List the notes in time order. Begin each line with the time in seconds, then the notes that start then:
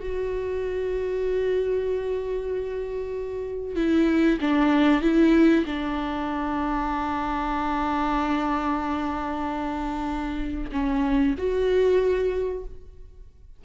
0.00 F#4
3.76 E4
4.41 D4
5.02 E4
5.66 D4
10.72 C#4
11.38 F#4